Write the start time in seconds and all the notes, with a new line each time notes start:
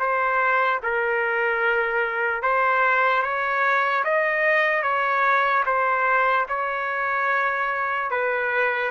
0.00 C5
0.83 A#4
2.43 C5
3.23 C#5
4.05 D#5
4.83 C#5
5.66 C5
6.49 C#5
8.11 B4